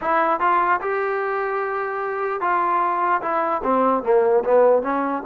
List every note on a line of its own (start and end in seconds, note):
0.01 0.40 E4
0.40 0.80 F4
0.81 2.40 G4
2.40 3.21 F4
3.21 3.61 E4
3.63 4.03 C4
4.03 4.43 A#3
4.44 4.82 B3
4.82 5.22 C#4